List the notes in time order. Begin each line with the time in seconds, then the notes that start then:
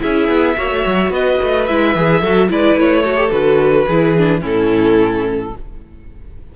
0.00 C#4 E4 G#4 E5
0.29 B3
0.57 A#3 F#4 C#5
0.71 A3
0.87 F#3
1.10 B3 B4 D#5
1.43 A3
1.66 G#3 E4 E5
1.96 E3 G#4
2.21 F#3 F#4 A4
2.50 G#3 E4 B4 D5
2.76 A3 C#5
3.03 F#4 A4
3.17 G4
3.32 D3 F#4 B4
3.87 E3 E4 G#4
4.18 D4
4.41 A2 C#4 E4 A4